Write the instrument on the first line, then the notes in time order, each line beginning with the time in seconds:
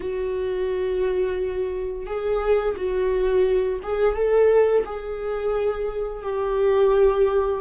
viola
0.00 F#4
2.06 G#4
2.76 F#4
3.82 G#4
4.15 A4
4.85 G#4
6.22 G4